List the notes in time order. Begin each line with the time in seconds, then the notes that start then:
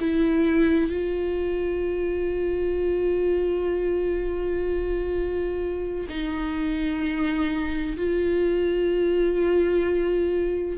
0.00 E4
0.90 F4
6.09 D#4
7.97 F4